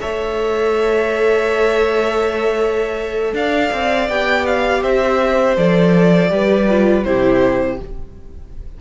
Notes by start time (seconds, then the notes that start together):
0.00 A3 A4 C#5 E5
3.33 D4 D5 F5
3.71 C4
4.08 B3 G4 G5
4.46 F5
4.81 C4 C5 E5
5.56 F3 A4 D5
6.29 G3 G4 B4
6.68 F4
7.03 C3 E4 G4 C5